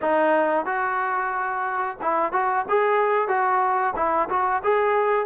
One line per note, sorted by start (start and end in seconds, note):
0.01 0.65 D#4
0.65 1.97 F#4
2.01 2.32 E4
2.32 2.65 F#4
2.69 3.28 G#4
3.28 3.94 F#4
3.96 4.29 E4
4.29 4.62 F#4
4.63 5.26 G#4